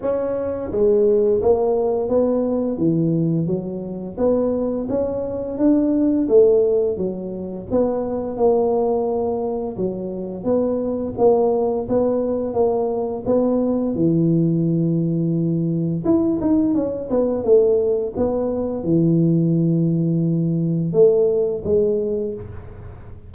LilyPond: \new Staff \with { instrumentName = "tuba" } { \time 4/4 \tempo 4 = 86 cis'4 gis4 ais4 b4 | e4 fis4 b4 cis'4 | d'4 a4 fis4 b4 | ais2 fis4 b4 |
ais4 b4 ais4 b4 | e2. e'8 dis'8 | cis'8 b8 a4 b4 e4~ | e2 a4 gis4 | }